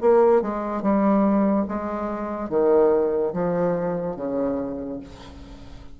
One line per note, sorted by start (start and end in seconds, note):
0.00 0.41 A#3
0.41 0.82 G#3
0.82 1.65 G3
1.68 2.49 G#3
2.49 3.32 D#3
3.33 4.16 F3
4.16 4.99 C#3